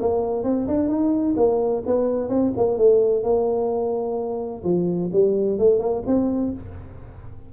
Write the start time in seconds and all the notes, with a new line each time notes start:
0.00 A#3
0.44 C4
0.67 D4
0.89 D#4
1.37 A#3
1.86 B3
2.29 C4
2.57 A#3
2.78 A3
3.23 A#3
4.64 F3
5.13 G3
5.59 A3
5.80 A#3
6.07 C4